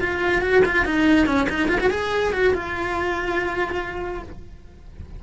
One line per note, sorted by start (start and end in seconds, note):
0.00 0.41 F4
0.41 0.63 F#4
0.65 0.85 F4
0.85 1.26 D#4
1.26 1.47 C#4
1.49 1.68 D#4
1.68 1.79 F4
1.80 1.90 F#4
1.90 2.33 G#4
2.33 2.54 F#4
2.54 4.23 F4